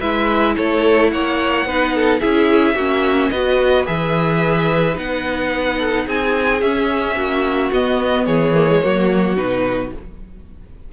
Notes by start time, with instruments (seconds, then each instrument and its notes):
0.00 cello G#3, viola E4, violin B4 E5
0.57 cello A3, violin A4 C#5
1.10 cello A#3, violin C#5 F#5
1.66 cello B3, viola D#4, violin B4
1.95 violin A4
2.20 cello C#4, viola E4, violin G#4 E5
2.74 cello A#3, viola C#4, violin F#4
3.30 cello B3, viola F#4, violin B4 D#5
3.86 cello E3, viola G#4, violin E5
4.94 cello B3, viola D#4, violin F#5
5.78 violin A4
6.06 cello C4, violin G#4 G#5
6.61 cello C#4, viola C#4, violin E5
7.16 cello A#3, violin F#4
7.72 cello B3, viola B3, violin D#5
8.25 cello E3, violin G#4 C#5
8.55 viola A#3
8.68 viola G#3
8.82 cello F#3, viola A#3, violin F#4
9.37 cello B2, viola D#4, violin B4